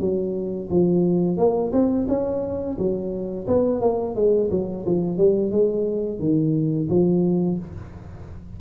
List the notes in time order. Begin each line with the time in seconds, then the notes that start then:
0.00 F#3
0.70 F3
1.37 A#3
1.72 C4
2.08 C#4
2.78 F#3
3.47 B3
3.81 A#3
4.15 G#3
4.51 F#3
4.86 F3
5.18 G3
5.51 G#3
6.19 D#3
6.89 F3